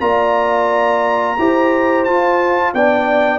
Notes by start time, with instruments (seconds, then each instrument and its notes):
0.00 tuba A#3, trombone F4, horn D5, trumpet A#5
1.39 tuba E4, trombone G4, horn C5
2.04 tuba F4, trombone F4, trumpet A5
2.74 tuba B3, trombone D4, horn D5, trumpet G5